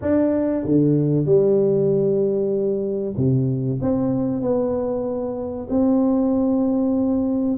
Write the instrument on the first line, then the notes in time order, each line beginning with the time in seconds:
tuba
0.01 D4
0.64 D3
1.25 G3
3.16 C3
3.81 C4
4.41 B3
5.69 C4